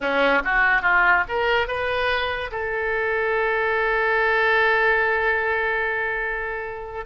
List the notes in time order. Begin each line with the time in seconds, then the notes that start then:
0.00 C#4
0.44 F#4
0.82 F4
1.28 A#4
1.67 B4
2.51 A4